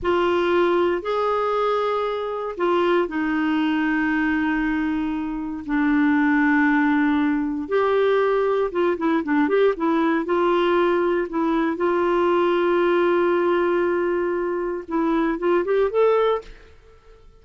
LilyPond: \new Staff \with { instrumentName = "clarinet" } { \time 4/4 \tempo 4 = 117 f'2 gis'2~ | gis'4 f'4 dis'2~ | dis'2. d'4~ | d'2. g'4~ |
g'4 f'8 e'8 d'8 g'8 e'4 | f'2 e'4 f'4~ | f'1~ | f'4 e'4 f'8 g'8 a'4 | }